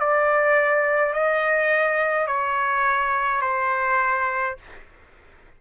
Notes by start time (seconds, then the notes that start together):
0.00 D5
1.14 D#5
2.27 C#5
3.41 C5